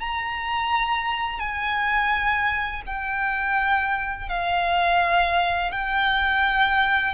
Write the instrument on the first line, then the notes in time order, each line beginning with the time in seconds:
violin
0.00 A#5
1.39 G#5
2.86 G5
4.29 F5
5.71 G5